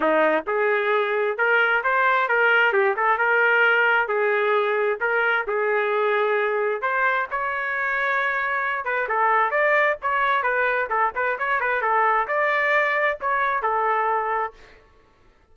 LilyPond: \new Staff \with { instrumentName = "trumpet" } { \time 4/4 \tempo 4 = 132 dis'4 gis'2 ais'4 | c''4 ais'4 g'8 a'8 ais'4~ | ais'4 gis'2 ais'4 | gis'2. c''4 |
cis''2.~ cis''8 b'8 | a'4 d''4 cis''4 b'4 | a'8 b'8 cis''8 b'8 a'4 d''4~ | d''4 cis''4 a'2 | }